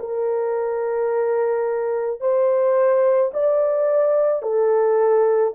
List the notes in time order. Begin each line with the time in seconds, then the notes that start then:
0.00 A#4
2.21 C5
3.34 D5
4.43 A4